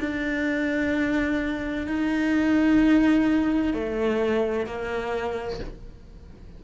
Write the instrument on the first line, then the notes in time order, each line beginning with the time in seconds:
cello
0.00 D4
1.87 D#4
3.74 A3
4.66 A#3